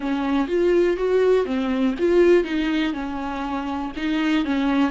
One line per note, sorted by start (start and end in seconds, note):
0.00 0.47 C#4
0.47 0.96 F4
0.97 1.45 F#4
1.45 1.94 C4
1.99 2.44 F4
2.44 2.92 D#4
2.93 3.91 C#4
3.96 4.44 D#4
4.44 4.90 C#4